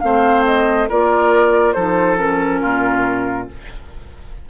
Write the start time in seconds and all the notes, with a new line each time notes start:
0.00 A3 C4 C5 F5
0.45 D#5
0.89 A#3 F4 A#4 D5
1.73 F3 D#4 A4 C5
2.17 C#4 A#4
2.61 A#2 F4